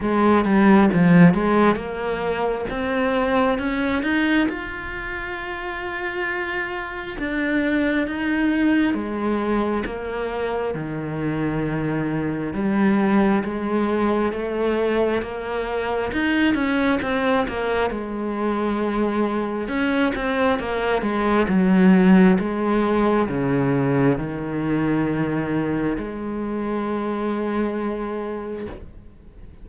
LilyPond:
\new Staff \with { instrumentName = "cello" } { \time 4/4 \tempo 4 = 67 gis8 g8 f8 gis8 ais4 c'4 | cis'8 dis'8 f'2. | d'4 dis'4 gis4 ais4 | dis2 g4 gis4 |
a4 ais4 dis'8 cis'8 c'8 ais8 | gis2 cis'8 c'8 ais8 gis8 | fis4 gis4 cis4 dis4~ | dis4 gis2. | }